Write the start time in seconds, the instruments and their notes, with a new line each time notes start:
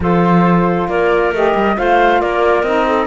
0.00 cello F3, saxophone F4, clarinet A4, flute C5
0.88 cello A#3, clarinet A#4, flute D5
1.32 cello A3, saxophone G4, flute D#5
1.55 cello G3
1.75 cello A3, saxophone F4, clarinet C5, flute F5
2.20 cello A#3, clarinet A#4, flute D5
2.63 cello C4, saxophone D#4, flute D#5
2.87 clarinet A4